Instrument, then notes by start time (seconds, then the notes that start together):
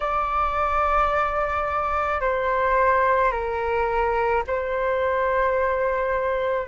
flute
0.00 D5
2.20 C5
3.31 A#4
4.47 C5